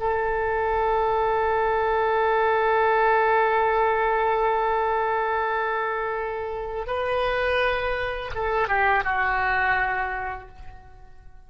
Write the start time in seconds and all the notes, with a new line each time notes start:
0.00 A4
6.87 B4
8.35 A4
8.68 G4
9.04 F#4